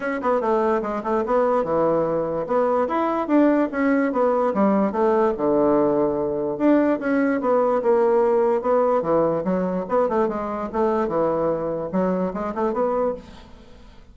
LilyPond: \new Staff \with { instrumentName = "bassoon" } { \time 4/4 \tempo 4 = 146 cis'8 b8 a4 gis8 a8 b4 | e2 b4 e'4 | d'4 cis'4 b4 g4 | a4 d2. |
d'4 cis'4 b4 ais4~ | ais4 b4 e4 fis4 | b8 a8 gis4 a4 e4~ | e4 fis4 gis8 a8 b4 | }